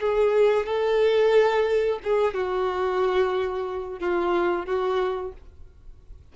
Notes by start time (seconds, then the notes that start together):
0.00 G#4
0.66 A4
2.03 G#4
2.34 F#4
4.00 F4
4.66 F#4